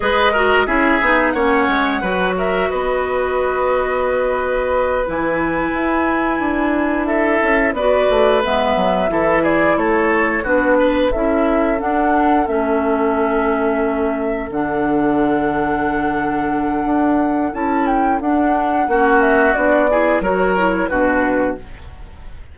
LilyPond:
<<
  \new Staff \with { instrumentName = "flute" } { \time 4/4 \tempo 4 = 89 dis''4 e''4 fis''4. e''8 | dis''2.~ dis''8 gis''8~ | gis''2~ gis''8 e''4 d''8~ | d''8 e''4. d''8 cis''4 b'8~ |
b'8 e''4 fis''4 e''4.~ | e''4. fis''2~ fis''8~ | fis''2 a''8 g''8 fis''4~ | fis''8 e''8 d''4 cis''4 b'4 | }
  \new Staff \with { instrumentName = "oboe" } { \time 4/4 b'8 ais'8 gis'4 cis''4 b'8 ais'8 | b'1~ | b'2~ b'8 a'4 b'8~ | b'4. a'8 gis'8 a'4 fis'8 |
b'8 a'2.~ a'8~ | a'1~ | a'1 | fis'4. gis'8 ais'4 fis'4 | }
  \new Staff \with { instrumentName = "clarinet" } { \time 4/4 gis'8 fis'8 e'8 dis'8 cis'4 fis'4~ | fis'2.~ fis'8 e'8~ | e'2.~ e'8 fis'8~ | fis'8 b4 e'2 d'8~ |
d'8 e'4 d'4 cis'4.~ | cis'4. d'2~ d'8~ | d'2 e'4 d'4 | cis'4 d'8 e'8 fis'8 e'8 d'4 | }
  \new Staff \with { instrumentName = "bassoon" } { \time 4/4 gis4 cis'8 b8 ais8 gis8 fis4 | b2.~ b8 e8~ | e8 e'4 d'4. cis'8 b8 | a8 gis8 fis8 e4 a4 b8~ |
b8 cis'4 d'4 a4.~ | a4. d2~ d8~ | d4 d'4 cis'4 d'4 | ais4 b4 fis4 b,4 | }
>>